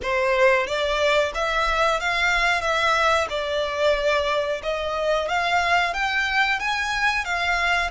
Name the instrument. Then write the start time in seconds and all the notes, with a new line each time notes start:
violin
0.02 C5
0.66 D5
1.34 E5
2.00 F5
2.61 E5
3.29 D5
4.62 D#5
5.28 F5
5.93 G5
6.59 G#5
7.25 F5